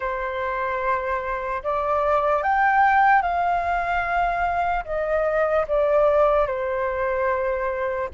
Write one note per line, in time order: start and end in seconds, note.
0.00 1.62 C5
1.63 2.42 D5
2.42 3.22 G5
3.22 4.84 F5
4.84 5.65 D#5
5.67 6.46 D5
6.46 8.09 C5